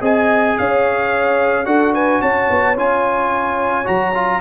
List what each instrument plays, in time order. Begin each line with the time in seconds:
0.00 tuba C4, trombone G#4, horn D#5, trumpet G#5
0.58 tuba C#4, horn C#5, trumpet F5
1.65 tuba D4, trombone F#4, horn A4, trumpet F#5
1.94 horn B4, trumpet G#5
2.20 tuba C#4, horn C#5, trumpet A5
2.50 tuba B3
2.76 tuba C#4, trombone F4, trumpet G#5
3.85 tuba F#3, trombone F#4, trumpet A#5
4.15 trombone F4